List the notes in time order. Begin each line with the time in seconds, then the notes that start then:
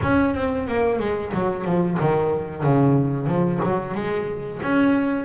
0.02 C#4
0.34 C4
0.67 A#3
0.99 G#3
1.34 F#3
1.65 F3
1.99 D#3
2.63 C#3
3.26 F3
3.63 F#3
3.94 G#3
4.62 C#4